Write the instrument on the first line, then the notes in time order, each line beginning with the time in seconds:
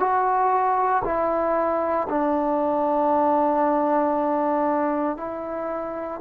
trombone
0.00 F#4
1.05 E4
2.10 D4
5.18 E4